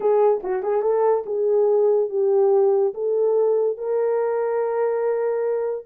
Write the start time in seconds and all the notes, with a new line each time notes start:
0.00 G#4
0.43 F#4
0.62 G#4
0.82 A4
1.25 G#4
2.09 G4
2.94 A4
3.77 A#4